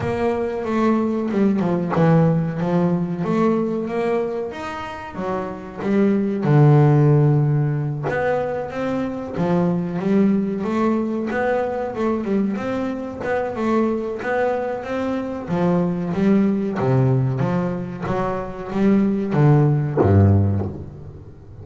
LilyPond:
\new Staff \with { instrumentName = "double bass" } { \time 4/4 \tempo 4 = 93 ais4 a4 g8 f8 e4 | f4 a4 ais4 dis'4 | fis4 g4 d2~ | d8 b4 c'4 f4 g8~ |
g8 a4 b4 a8 g8 c'8~ | c'8 b8 a4 b4 c'4 | f4 g4 c4 f4 | fis4 g4 d4 g,4 | }